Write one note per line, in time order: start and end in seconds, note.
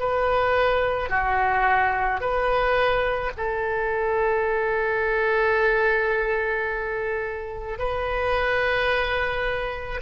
0.00 1.10 B4
1.10 2.21 F#4
2.21 3.32 B4
3.37 7.79 A4
7.79 10.01 B4